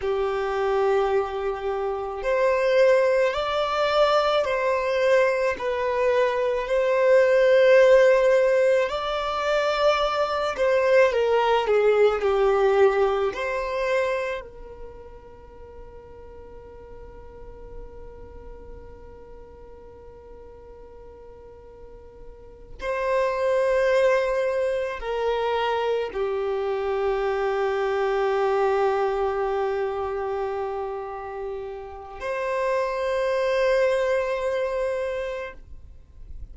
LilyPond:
\new Staff \with { instrumentName = "violin" } { \time 4/4 \tempo 4 = 54 g'2 c''4 d''4 | c''4 b'4 c''2 | d''4. c''8 ais'8 gis'8 g'4 | c''4 ais'2.~ |
ais'1~ | ais'8 c''2 ais'4 g'8~ | g'1~ | g'4 c''2. | }